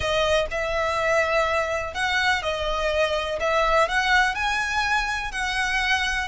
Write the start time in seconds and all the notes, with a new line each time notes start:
0.00 D#5
0.50 E5
1.94 F#5
2.42 D#5
3.40 E5
3.88 F#5
4.34 G#5
5.31 F#5